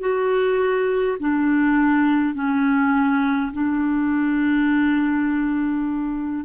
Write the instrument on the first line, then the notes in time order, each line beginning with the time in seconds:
clarinet
0.00 F#4
1.19 D4
2.34 C#4
3.53 D4